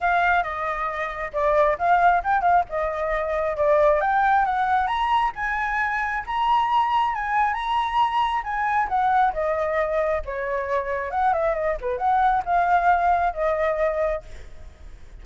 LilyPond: \new Staff \with { instrumentName = "flute" } { \time 4/4 \tempo 4 = 135 f''4 dis''2 d''4 | f''4 g''8 f''8 dis''2 | d''4 g''4 fis''4 ais''4 | gis''2 ais''2 |
gis''4 ais''2 gis''4 | fis''4 dis''2 cis''4~ | cis''4 fis''8 e''8 dis''8 b'8 fis''4 | f''2 dis''2 | }